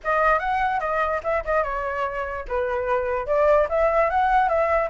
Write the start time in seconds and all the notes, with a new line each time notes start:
0.04 D#5
0.39 F#5
0.80 D#5
1.23 E5
1.45 D#5
1.63 C#5
2.48 B4
3.26 D5
3.69 E5
4.09 F#5
4.49 E5